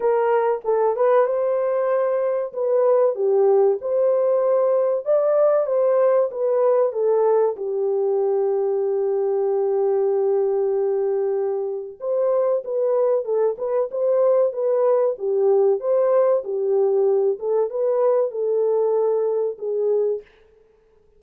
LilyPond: \new Staff \with { instrumentName = "horn" } { \time 4/4 \tempo 4 = 95 ais'4 a'8 b'8 c''2 | b'4 g'4 c''2 | d''4 c''4 b'4 a'4 | g'1~ |
g'2. c''4 | b'4 a'8 b'8 c''4 b'4 | g'4 c''4 g'4. a'8 | b'4 a'2 gis'4 | }